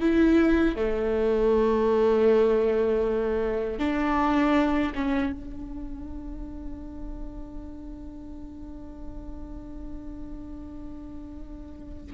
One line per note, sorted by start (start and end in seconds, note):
0.00 0.76 E4
0.76 3.79 A3
3.79 4.93 D4
4.94 5.32 C#4
5.32 12.13 D4